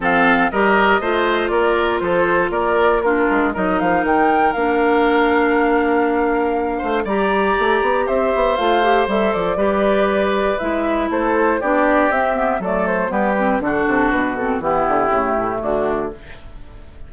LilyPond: <<
  \new Staff \with { instrumentName = "flute" } { \time 4/4 \tempo 4 = 119 f''4 dis''2 d''4 | c''4 d''4 ais'4 dis''8 f''8 | g''4 f''2.~ | f''2 ais''2 |
e''4 f''4 e''8 d''4.~ | d''4 e''4 c''4 d''4 | e''4 d''8 c''8 b'4 a'4 | b'8 a'8 g'2 fis'4 | }
  \new Staff \with { instrumentName = "oboe" } { \time 4/4 a'4 ais'4 c''4 ais'4 | a'4 ais'4 f'4 ais'4~ | ais'1~ | ais'4. c''8 d''2 |
c''2. b'4~ | b'2 a'4 g'4~ | g'4 a'4 g'4 fis'4~ | fis'4 e'2 d'4 | }
  \new Staff \with { instrumentName = "clarinet" } { \time 4/4 c'4 g'4 f'2~ | f'2 d'4 dis'4~ | dis'4 d'2.~ | d'2 g'2~ |
g'4 f'8 g'8 a'4 g'4~ | g'4 e'2 d'4 | c'8 b8 a4 b8 c'8 d'4~ | d'8 c'8 b4 a2 | }
  \new Staff \with { instrumentName = "bassoon" } { \time 4/4 f4 g4 a4 ais4 | f4 ais4. gis8 fis8 f8 | dis4 ais2.~ | ais4. a8 g4 a8 b8 |
c'8 b8 a4 g8 f8 g4~ | g4 gis4 a4 b4 | c'4 fis4 g4 d8 c8 | b,4 e8 d8 cis8 a,8 d4 | }
>>